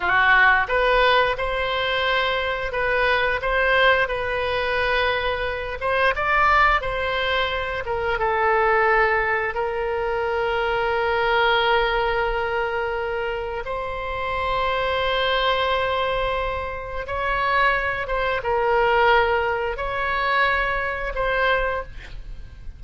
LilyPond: \new Staff \with { instrumentName = "oboe" } { \time 4/4 \tempo 4 = 88 fis'4 b'4 c''2 | b'4 c''4 b'2~ | b'8 c''8 d''4 c''4. ais'8 | a'2 ais'2~ |
ais'1 | c''1~ | c''4 cis''4. c''8 ais'4~ | ais'4 cis''2 c''4 | }